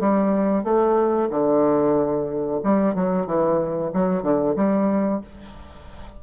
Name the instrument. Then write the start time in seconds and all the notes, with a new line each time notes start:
bassoon
0.00 G3
0.64 A3
1.30 D3
2.64 G3
2.95 F#3
3.26 E3
3.94 F#3
4.23 D3
4.56 G3